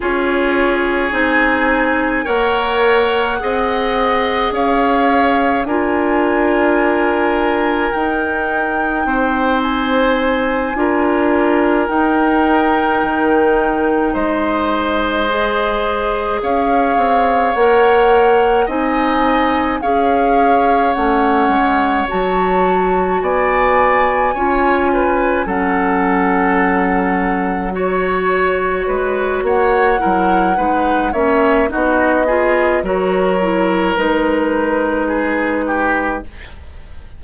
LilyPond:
<<
  \new Staff \with { instrumentName = "flute" } { \time 4/4 \tempo 4 = 53 cis''4 gis''4 fis''2 | f''4 gis''2 g''4~ | g''8 gis''2 g''4.~ | g''8 dis''2 f''4 fis''8~ |
fis''8 gis''4 f''4 fis''4 a''8~ | a''8 gis''2 fis''4.~ | fis''8 cis''4. fis''4. e''8 | dis''4 cis''4 b'2 | }
  \new Staff \with { instrumentName = "oboe" } { \time 4/4 gis'2 cis''4 dis''4 | cis''4 ais'2. | c''4. ais'2~ ais'8~ | ais'8 c''2 cis''4.~ |
cis''8 dis''4 cis''2~ cis''8~ | cis''8 d''4 cis''8 b'8 a'4.~ | a'8 cis''4 b'8 cis''8 ais'8 b'8 cis''8 | fis'8 gis'8 ais'2 gis'8 g'8 | }
  \new Staff \with { instrumentName = "clarinet" } { \time 4/4 f'4 dis'4 ais'4 gis'4~ | gis'4 f'2 dis'4~ | dis'4. f'4 dis'4.~ | dis'4. gis'2 ais'8~ |
ais'8 dis'4 gis'4 cis'4 fis'8~ | fis'4. f'4 cis'4.~ | cis'8 fis'2 e'8 dis'8 cis'8 | dis'8 f'8 fis'8 e'8 dis'2 | }
  \new Staff \with { instrumentName = "bassoon" } { \time 4/4 cis'4 c'4 ais4 c'4 | cis'4 d'2 dis'4 | c'4. d'4 dis'4 dis8~ | dis8 gis2 cis'8 c'8 ais8~ |
ais8 c'4 cis'4 a8 gis8 fis8~ | fis8 b4 cis'4 fis4.~ | fis4. gis8 ais8 fis8 gis8 ais8 | b4 fis4 gis2 | }
>>